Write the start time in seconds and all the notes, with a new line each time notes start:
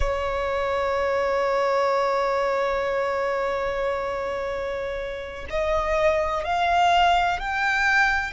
0.00 C#5
5.49 D#5
6.44 F5
7.39 G5